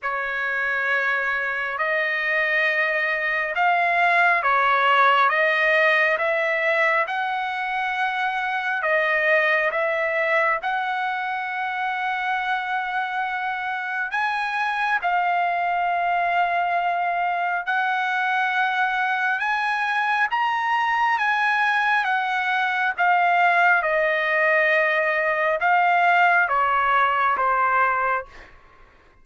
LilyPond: \new Staff \with { instrumentName = "trumpet" } { \time 4/4 \tempo 4 = 68 cis''2 dis''2 | f''4 cis''4 dis''4 e''4 | fis''2 dis''4 e''4 | fis''1 |
gis''4 f''2. | fis''2 gis''4 ais''4 | gis''4 fis''4 f''4 dis''4~ | dis''4 f''4 cis''4 c''4 | }